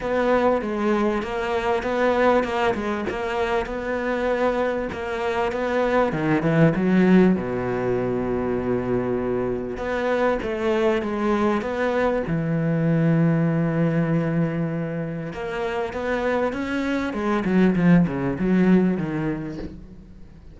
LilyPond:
\new Staff \with { instrumentName = "cello" } { \time 4/4 \tempo 4 = 98 b4 gis4 ais4 b4 | ais8 gis8 ais4 b2 | ais4 b4 dis8 e8 fis4 | b,1 |
b4 a4 gis4 b4 | e1~ | e4 ais4 b4 cis'4 | gis8 fis8 f8 cis8 fis4 dis4 | }